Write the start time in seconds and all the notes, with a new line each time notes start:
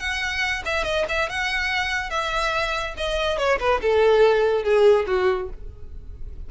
0.00 F#5
0.66 E5
0.85 D#5
1.09 E5
1.30 F#5
2.10 E5
2.98 D#5
3.38 C#5
3.60 B4
3.82 A4
4.64 G#4
5.07 F#4